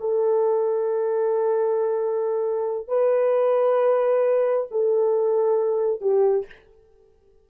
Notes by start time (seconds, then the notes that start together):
0.00 A4
2.88 B4
4.71 A4
6.01 G4